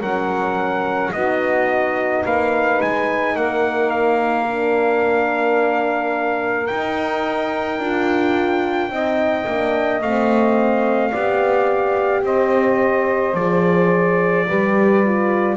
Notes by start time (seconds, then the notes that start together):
0.00 F#3 C#4 A#4 F#5
1.13 B3 D#4 F#4 D#5
2.23 A#3 B4 F5
2.81 G#3 G#5
3.34 A#3 A#4 F#5
3.90 F5
4.48 D4
6.67 D#4 G5
7.79 D4 F4
8.90 C4 D#4 D#5
9.47 A#3 D4
10.01 A3 C4 F5
11.10 B3 G4 D5
12.23 C4 C5 D#5
13.34 F3 G#4 D5
14.47 G3 G4 B4
15.05 F4